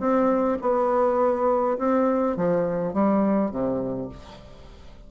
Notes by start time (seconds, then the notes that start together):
0.00 C4
0.62 B3
1.78 C4
2.37 F3
2.94 G3
3.51 C3